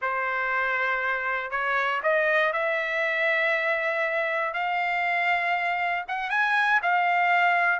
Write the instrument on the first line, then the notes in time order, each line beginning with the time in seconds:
trumpet
0.01 C5
1.51 C#5
2.02 D#5
2.52 E5
4.53 F5
6.08 F#5
6.30 G#5
6.82 F5